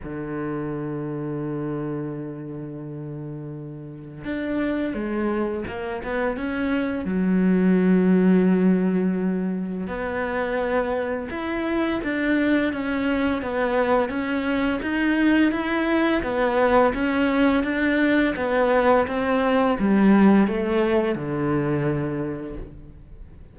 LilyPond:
\new Staff \with { instrumentName = "cello" } { \time 4/4 \tempo 4 = 85 d1~ | d2 d'4 gis4 | ais8 b8 cis'4 fis2~ | fis2 b2 |
e'4 d'4 cis'4 b4 | cis'4 dis'4 e'4 b4 | cis'4 d'4 b4 c'4 | g4 a4 d2 | }